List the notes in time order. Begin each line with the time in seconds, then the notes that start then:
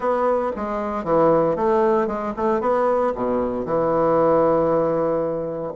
0.00 B3
0.55 G#3
1.03 E3
1.56 A3
2.07 G#3
2.36 A3
2.60 B3
3.14 B2
3.65 E3